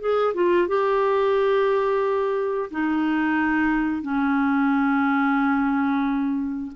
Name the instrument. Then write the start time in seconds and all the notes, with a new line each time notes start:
clarinet
0.00 G#4
0.34 F4
0.68 G4
2.71 D#4
4.02 C#4